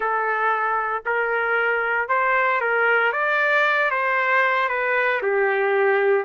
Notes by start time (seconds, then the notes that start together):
0.00 A4
1.05 A#4
2.08 C5
2.60 A#4
3.12 D5
3.90 C5
4.68 B4
5.22 G4